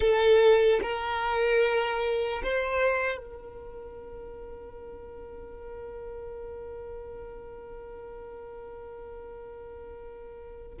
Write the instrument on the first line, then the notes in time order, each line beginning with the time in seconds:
violin
0.00 A4
0.82 A#4
2.43 C5
3.17 A#4